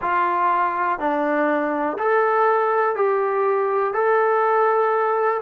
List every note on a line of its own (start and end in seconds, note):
0.01 0.99 F4
0.99 1.97 D4
1.98 2.95 A4
2.95 3.93 G4
3.93 5.41 A4